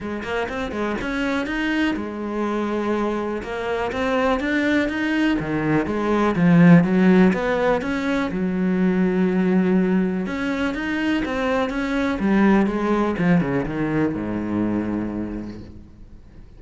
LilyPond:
\new Staff \with { instrumentName = "cello" } { \time 4/4 \tempo 4 = 123 gis8 ais8 c'8 gis8 cis'4 dis'4 | gis2. ais4 | c'4 d'4 dis'4 dis4 | gis4 f4 fis4 b4 |
cis'4 fis2.~ | fis4 cis'4 dis'4 c'4 | cis'4 g4 gis4 f8 cis8 | dis4 gis,2. | }